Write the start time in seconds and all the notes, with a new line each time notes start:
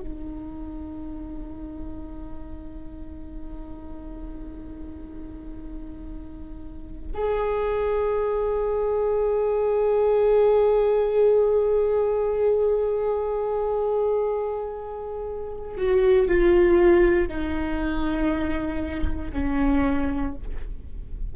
0.00 D#4
7.14 G#4
15.77 F#4
16.28 F4
17.28 D#4
19.33 C#4